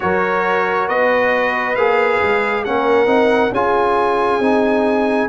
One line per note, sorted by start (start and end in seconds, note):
0.00 0.88 F#3
0.00 1.76 F#4
0.00 0.88 A#4
0.00 0.88 C#5
0.88 1.76 B3
0.88 2.65 B4
0.88 1.75 D#5
1.75 2.20 A#3
1.75 2.65 G#4
1.75 2.64 F5
2.22 2.66 G#3
2.64 3.06 A#3
2.64 3.06 C#4
2.64 3.53 A#4
2.64 3.52 F#5
3.06 3.50 C4
3.06 3.50 D#4
3.51 4.39 C#4
3.51 4.41 F4
3.51 5.29 G#4
3.51 5.29 G#5
4.39 5.27 C4
4.39 5.29 D#4